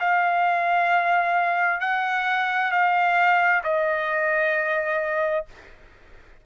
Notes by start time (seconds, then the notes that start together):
0.00 F5
1.81 F#5
2.71 F5
3.64 D#5